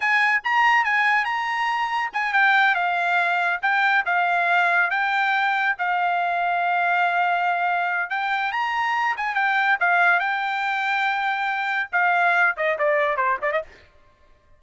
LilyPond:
\new Staff \with { instrumentName = "trumpet" } { \time 4/4 \tempo 4 = 141 gis''4 ais''4 gis''4 ais''4~ | ais''4 gis''8 g''4 f''4.~ | f''8 g''4 f''2 g''8~ | g''4. f''2~ f''8~ |
f''2. g''4 | ais''4. gis''8 g''4 f''4 | g''1 | f''4. dis''8 d''4 c''8 d''16 dis''16 | }